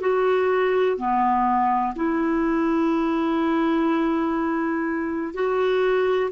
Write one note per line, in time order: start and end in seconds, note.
0.00 0.97 F#4
0.97 1.94 B3
1.95 5.34 E4
5.34 6.30 F#4